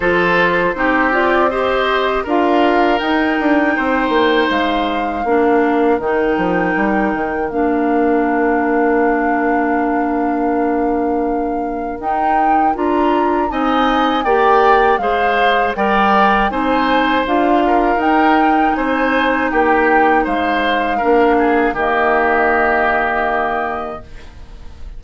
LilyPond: <<
  \new Staff \with { instrumentName = "flute" } { \time 4/4 \tempo 4 = 80 c''4. d''8 dis''4 f''4 | g''2 f''2 | g''2 f''2~ | f''1 |
g''4 ais''4 gis''4 g''4 | f''4 g''4 gis''4 f''4 | g''4 gis''4 g''4 f''4~ | f''4 dis''2. | }
  \new Staff \with { instrumentName = "oboe" } { \time 4/4 a'4 g'4 c''4 ais'4~ | ais'4 c''2 ais'4~ | ais'1~ | ais'1~ |
ais'2 dis''4 d''4 | c''4 d''4 c''4. ais'8~ | ais'4 c''4 g'4 c''4 | ais'8 gis'8 g'2. | }
  \new Staff \with { instrumentName = "clarinet" } { \time 4/4 f'4 dis'8 f'8 g'4 f'4 | dis'2. d'4 | dis'2 d'2~ | d'1 |
dis'4 f'4 dis'4 g'4 | gis'4 ais'4 dis'4 f'4 | dis'1 | d'4 ais2. | }
  \new Staff \with { instrumentName = "bassoon" } { \time 4/4 f4 c'2 d'4 | dis'8 d'8 c'8 ais8 gis4 ais4 | dis8 f8 g8 dis8 ais2~ | ais1 |
dis'4 d'4 c'4 ais4 | gis4 g4 c'4 d'4 | dis'4 c'4 ais4 gis4 | ais4 dis2. | }
>>